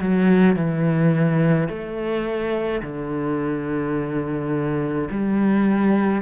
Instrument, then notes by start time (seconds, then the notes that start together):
cello
0.00 F#3
0.56 E3
1.68 A3
2.82 D3
5.10 G3